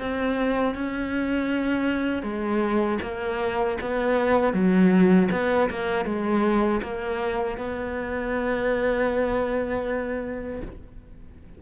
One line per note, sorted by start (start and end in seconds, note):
0.00 0.75 C4
0.75 2.23 C#4
2.23 2.99 G#3
3.02 3.78 A#3
3.81 4.54 B3
4.54 5.30 F#3
5.32 5.70 B3
5.71 6.06 A#3
6.06 6.82 G#3
6.83 7.58 A#3
7.58 10.62 B3